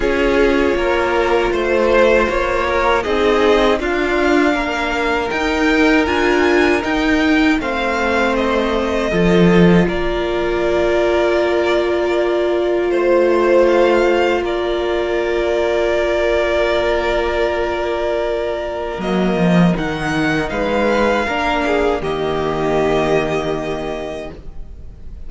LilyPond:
<<
  \new Staff \with { instrumentName = "violin" } { \time 4/4 \tempo 4 = 79 cis''2 c''4 cis''4 | dis''4 f''2 g''4 | gis''4 g''4 f''4 dis''4~ | dis''4 d''2.~ |
d''4 c''4 f''4 d''4~ | d''1~ | d''4 dis''4 fis''4 f''4~ | f''4 dis''2. | }
  \new Staff \with { instrumentName = "violin" } { \time 4/4 gis'4 ais'4 c''4. ais'8 | gis'4 f'4 ais'2~ | ais'2 c''2 | a'4 ais'2.~ |
ais'4 c''2 ais'4~ | ais'1~ | ais'2. b'4 | ais'8 gis'8 g'2. | }
  \new Staff \with { instrumentName = "viola" } { \time 4/4 f'1 | dis'4 d'2 dis'4 | f'4 dis'4 c'2 | f'1~ |
f'1~ | f'1~ | f'4 ais4 dis'2 | d'4 ais2. | }
  \new Staff \with { instrumentName = "cello" } { \time 4/4 cis'4 ais4 a4 ais4 | c'4 d'4 ais4 dis'4 | d'4 dis'4 a2 | f4 ais2.~ |
ais4 a2 ais4~ | ais1~ | ais4 fis8 f8 dis4 gis4 | ais4 dis2. | }
>>